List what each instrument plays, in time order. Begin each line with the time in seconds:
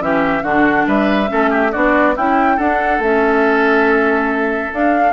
0.00 bassoon E3, clarinet C#4, oboe G4, flute E5
0.42 bassoon D3, clarinet D4, oboe F#4, flute F#5
0.87 bassoon G3, oboe B4, flute E5
1.28 bassoon A3, clarinet C#4, oboe A4
1.50 oboe G4
1.72 bassoon B3, clarinet D4, oboe F#4, flute D5
2.16 bassoon C#4, oboe E4, clarinet E4, flute G5
2.57 bassoon D4, clarinet D4, oboe A4, flute F#5
2.99 bassoon A3, clarinet C#4, flute E5
4.72 clarinet D4, bassoon D4, flute F5